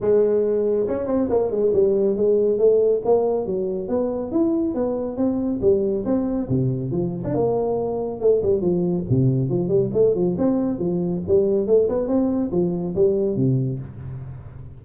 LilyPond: \new Staff \with { instrumentName = "tuba" } { \time 4/4 \tempo 4 = 139 gis2 cis'8 c'8 ais8 gis8 | g4 gis4 a4 ais4 | fis4 b4 e'4 b4 | c'4 g4 c'4 c4 |
f8. d'16 ais2 a8 g8 | f4 c4 f8 g8 a8 f8 | c'4 f4 g4 a8 b8 | c'4 f4 g4 c4 | }